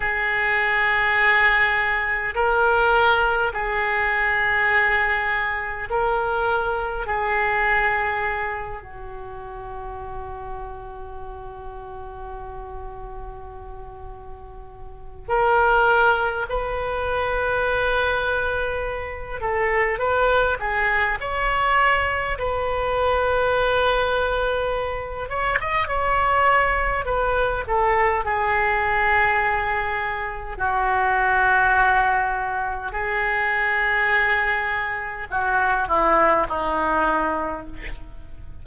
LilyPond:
\new Staff \with { instrumentName = "oboe" } { \time 4/4 \tempo 4 = 51 gis'2 ais'4 gis'4~ | gis'4 ais'4 gis'4. fis'8~ | fis'1~ | fis'4 ais'4 b'2~ |
b'8 a'8 b'8 gis'8 cis''4 b'4~ | b'4. cis''16 dis''16 cis''4 b'8 a'8 | gis'2 fis'2 | gis'2 fis'8 e'8 dis'4 | }